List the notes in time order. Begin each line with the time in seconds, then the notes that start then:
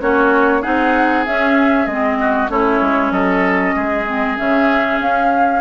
0.00 A#3 C#4 F#4 C#5
0.62 C4 D#4 G#4 F#5
1.26 C#4 E5
1.87 G#3 C4 D#5
2.20 F#4
2.49 A3 C#4 E4 C#5
2.82 G#3
3.11 F#3 A4 D#5
3.75 G#3 G#4
4.06 C4
4.37 C#3 C#4 E5
5.00 C#4 F5